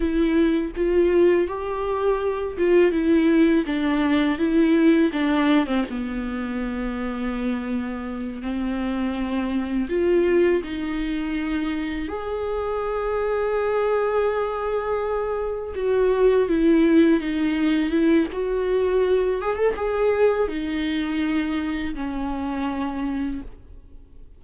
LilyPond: \new Staff \with { instrumentName = "viola" } { \time 4/4 \tempo 4 = 82 e'4 f'4 g'4. f'8 | e'4 d'4 e'4 d'8. c'16 | b2.~ b8 c'8~ | c'4. f'4 dis'4.~ |
dis'8 gis'2.~ gis'8~ | gis'4. fis'4 e'4 dis'8~ | dis'8 e'8 fis'4. gis'16 a'16 gis'4 | dis'2 cis'2 | }